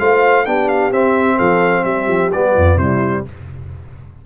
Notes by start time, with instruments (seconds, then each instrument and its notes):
0.00 tuba A3, trombone F4, horn C5, trumpet F5
0.46 tuba B3, trombone D4, horn G4, trumpet G5
0.69 trumpet F5
0.92 tuba C4, trombone C4, trumpet E5
1.37 tuba F3, horn A4, trumpet F5
1.85 tuba G3, horn G4, trumpet E5
2.08 tuba F3
2.33 tuba G3, trombone B3, trumpet D5
2.55 tuba F2, horn F4
2.77 tuba C3, trombone G3, horn E4, trumpet C5